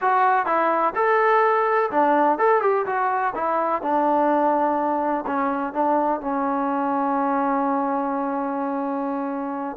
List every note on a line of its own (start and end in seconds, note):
0.01 0.46 F#4
0.46 0.93 E4
0.95 1.90 A4
1.90 2.38 D4
2.38 2.61 A4
2.61 2.85 G4
2.86 3.33 F#4
3.34 3.82 E4
3.82 5.24 D4
5.26 5.73 C#4
5.73 6.20 D4
6.20 9.76 C#4